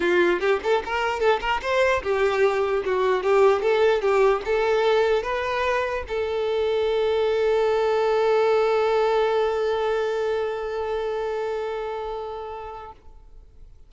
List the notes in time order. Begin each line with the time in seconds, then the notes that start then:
0.00 F4
0.39 G4
0.63 A4
0.85 A#4
1.20 A4
1.40 A#4
1.62 C5
2.02 G4
2.85 F#4
3.23 G4
3.61 A4
4.01 G4
4.45 A4
5.23 B4
6.08 A4